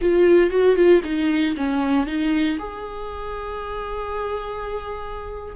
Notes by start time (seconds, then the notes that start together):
0.01 F4
0.50 F#4
0.75 F4
1.03 D#4
1.56 C#4
2.06 D#4
2.58 G#4